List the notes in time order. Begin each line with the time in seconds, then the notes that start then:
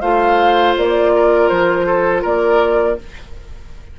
0.00 A3 F4 C5 F5
0.77 A#3 D5
1.16 A#4
1.48 F3 C5
1.86 A4
2.22 A#3 A#4 D5